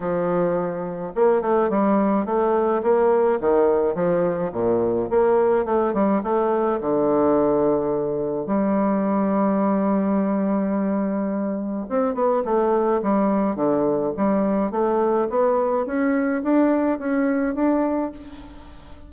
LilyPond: \new Staff \with { instrumentName = "bassoon" } { \time 4/4 \tempo 4 = 106 f2 ais8 a8 g4 | a4 ais4 dis4 f4 | ais,4 ais4 a8 g8 a4 | d2. g4~ |
g1~ | g4 c'8 b8 a4 g4 | d4 g4 a4 b4 | cis'4 d'4 cis'4 d'4 | }